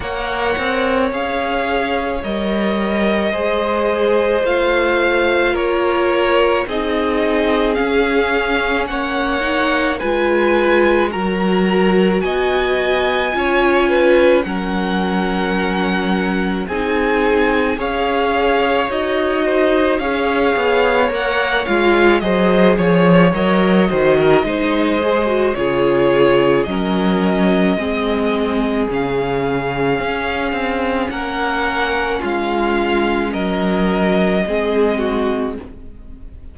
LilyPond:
<<
  \new Staff \with { instrumentName = "violin" } { \time 4/4 \tempo 4 = 54 fis''4 f''4 dis''2 | f''4 cis''4 dis''4 f''4 | fis''4 gis''4 ais''4 gis''4~ | gis''4 fis''2 gis''4 |
f''4 dis''4 f''4 fis''8 f''8 | dis''8 cis''8 dis''2 cis''4 | dis''2 f''2 | fis''4 f''4 dis''2 | }
  \new Staff \with { instrumentName = "violin" } { \time 4/4 cis''2. c''4~ | c''4 ais'4 gis'2 | cis''4 b'4 ais'4 dis''4 | cis''8 b'8 ais'2 gis'4 |
cis''4. c''8 cis''2 | c''8 cis''4 c''16 ais'16 c''4 gis'4 | ais'4 gis'2. | ais'4 f'4 ais'4 gis'8 fis'8 | }
  \new Staff \with { instrumentName = "viola" } { \time 4/4 ais'4 gis'4 ais'4 gis'4 | f'2 dis'4 cis'4~ | cis'8 dis'8 f'4 fis'2 | f'4 cis'2 dis'4 |
gis'4 fis'4 gis'4 ais'8 f'8 | gis'4 ais'8 fis'8 dis'8 gis'16 fis'16 f'4 | cis'4 c'4 cis'2~ | cis'2. c'4 | }
  \new Staff \with { instrumentName = "cello" } { \time 4/4 ais8 c'8 cis'4 g4 gis4 | a4 ais4 c'4 cis'4 | ais4 gis4 fis4 b4 | cis'4 fis2 c'4 |
cis'4 dis'4 cis'8 b8 ais8 gis8 | fis8 f8 fis8 dis8 gis4 cis4 | fis4 gis4 cis4 cis'8 c'8 | ais4 gis4 fis4 gis4 | }
>>